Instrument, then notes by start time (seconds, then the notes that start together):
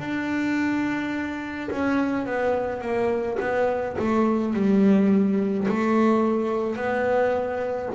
double bass
0.00 D4
1.71 C#4
2.26 B3
2.81 A#3
3.40 B3
3.99 A3
4.54 G3
5.69 A3
6.77 B3